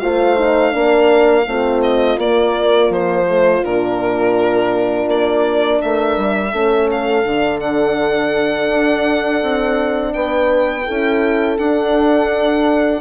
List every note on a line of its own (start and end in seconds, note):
0.00 0.75 A3
0.00 0.37 F4
0.00 0.75 C5
0.00 1.81 F5
0.37 0.72 D#4
0.72 1.47 A#3
0.72 1.44 D4
0.72 1.49 A#4
1.47 2.18 A3
1.47 2.20 C4
1.47 5.83 F4
1.83 2.19 D#5
2.18 2.90 A#3
2.18 3.27 A#3
2.18 2.92 D5
2.90 3.62 F3
2.90 3.65 C5
3.27 3.64 A3
3.65 5.08 A#2
3.65 6.53 D4
3.65 5.09 A#4
5.08 5.80 A#3
5.08 5.82 D5
5.82 6.17 A3
5.82 6.52 A#4
5.82 6.90 E5
6.17 6.53 G3
6.52 7.25 A3
6.52 7.25 C#4
6.52 10.14 A4
6.91 7.60 F5
7.25 8.70 D3
7.25 10.86 D4
7.60 10.13 F#5
8.70 9.42 D4
9.42 10.14 C4
10.13 10.87 B3
10.13 10.86 B4
10.13 11.58 G5
10.86 11.58 C#4
10.86 11.59 E4
10.86 13.02 A4
11.58 13.02 D4
11.58 13.02 F#5